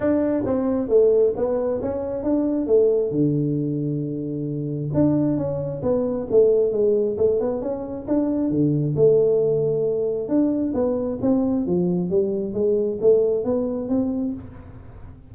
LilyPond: \new Staff \with { instrumentName = "tuba" } { \time 4/4 \tempo 4 = 134 d'4 c'4 a4 b4 | cis'4 d'4 a4 d4~ | d2. d'4 | cis'4 b4 a4 gis4 |
a8 b8 cis'4 d'4 d4 | a2. d'4 | b4 c'4 f4 g4 | gis4 a4 b4 c'4 | }